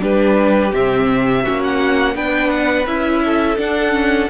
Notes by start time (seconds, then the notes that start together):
0.00 G3 D4 G4 B4
0.72 C3 C4 E5
1.42 A#3 C#4 F#4
1.63 F#5
2.15 B3 D4 B4 G5
2.50 F#5
2.86 C#4 E4 E5
3.25 A4
3.57 D4 F#5
3.91 C#4